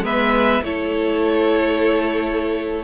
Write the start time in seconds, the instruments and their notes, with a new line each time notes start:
0.00 cello G#3, viola B3, violin B4 E5
0.62 cello A3, viola E4, violin A4 C#5